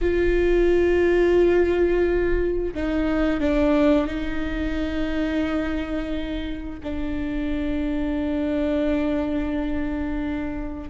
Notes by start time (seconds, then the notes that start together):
0.01 F4
2.74 D#4
3.40 D4
4.07 D#4
6.83 D4